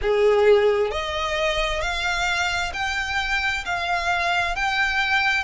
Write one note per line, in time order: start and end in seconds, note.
0.01 0.91 G#4
0.91 1.81 D#5
1.81 2.72 F5
2.73 3.64 G5
3.65 4.55 F5
4.55 5.44 G5